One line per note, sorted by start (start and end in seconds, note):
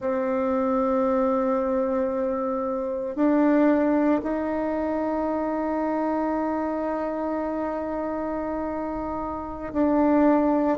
0.00 3.15 C4
3.15 4.21 D4
4.22 9.73 D#4
9.73 10.78 D4